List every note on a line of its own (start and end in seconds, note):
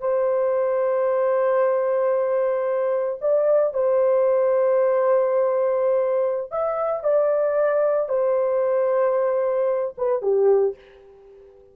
0.00 3.19 C5
3.21 3.73 D5
3.73 6.51 C5
6.51 7.03 E5
7.03 8.08 D5
8.08 9.94 C5
9.97 10.22 B4
10.22 10.75 G4